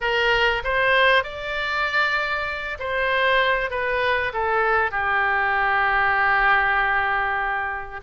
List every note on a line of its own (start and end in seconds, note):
0.00 0.62 A#4
0.64 1.23 C5
1.23 2.78 D5
2.79 3.70 C5
3.70 4.32 B4
4.33 4.91 A4
4.91 8.00 G4